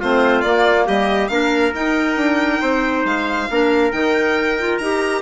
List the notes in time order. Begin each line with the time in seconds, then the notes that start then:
0.00 A3 C4 F4 C5
0.41 A#3 D5
0.86 G3 G4 D#5
1.28 A#3 D4 A#4 F5
1.73 D#4 G5
2.16 D4
2.61 C4 C5
3.05 G#3 F5
3.50 A#3 D4 A#4
3.92 D#3 D#4 G5
4.59 F4
4.78 D#4 G4 A#5